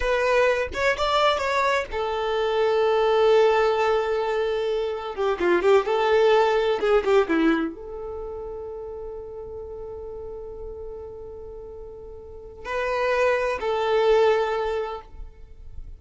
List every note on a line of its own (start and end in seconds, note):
0.00 0.68 B4
0.73 0.97 C#5
0.97 1.38 D5
1.38 1.85 C#5
1.91 5.15 A4
5.15 5.38 G4
5.39 5.62 F4
5.62 5.85 G4
5.85 6.79 A4
6.80 7.03 G#4
7.04 7.27 G4
7.28 7.75 E4
7.75 12.65 A4
12.65 13.59 B4
13.60 15.01 A4